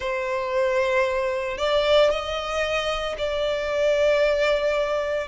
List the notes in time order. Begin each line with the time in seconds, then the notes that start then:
0.00 C5
1.57 D5
2.10 D#5
3.18 D5